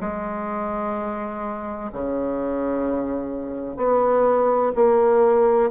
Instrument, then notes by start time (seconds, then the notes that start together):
bassoon
0.00 G#3
1.92 C#3
3.77 B3
4.75 A#3